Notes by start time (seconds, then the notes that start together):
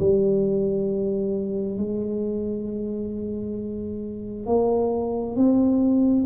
0.00 G3
1.78 G#3
4.47 A#3
5.36 C4